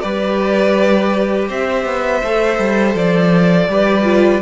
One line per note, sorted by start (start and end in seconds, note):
0.00 1.49 G3
0.00 2.21 G4
0.00 1.48 B4
0.00 1.46 D5
1.48 1.86 C4
1.48 3.68 C5
1.48 2.96 E5
1.86 2.22 B3
2.23 2.58 A3
2.23 3.70 A4
2.58 2.95 G3
2.95 3.68 F3
2.95 4.42 D5
3.68 4.41 G3
3.68 4.03 G4
3.68 4.42 B4
4.03 4.40 F4